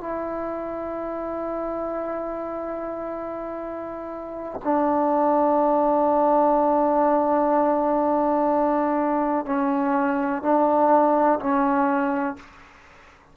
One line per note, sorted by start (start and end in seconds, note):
0.00 4.60 E4
4.63 9.45 D4
9.45 10.42 C#4
10.42 11.38 D4
11.39 12.36 C#4